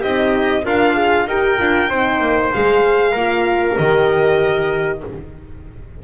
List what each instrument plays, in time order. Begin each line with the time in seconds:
0.00 double bass C4, horn D#4, trumpet G4, violin D#5
0.63 double bass D4, trumpet F4, horn A#4, violin F5
0.94 horn G#4
1.26 double bass D#4, horn G4, trumpet A#4, violin G5
1.58 double bass D4, horn F4
1.89 double bass C4, horn D#4, trumpet C5
2.20 double bass A#3
2.52 double bass G#3, horn G#4, violin F5
3.11 double bass A#3, horn F4, trumpet A#4
3.76 double bass D#3, horn G4, violin D#5